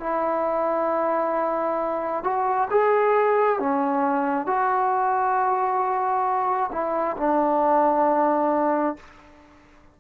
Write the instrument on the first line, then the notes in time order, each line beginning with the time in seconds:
trombone
0.00 E4
2.24 F#4
2.71 G#4
3.59 C#4
4.47 F#4
6.72 E4
7.18 D4